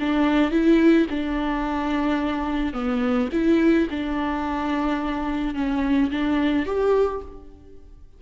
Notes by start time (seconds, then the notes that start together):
0.00 D4
0.52 E4
1.10 D4
2.74 B3
3.33 E4
3.91 D4
5.55 C#4
6.11 D4
6.66 G4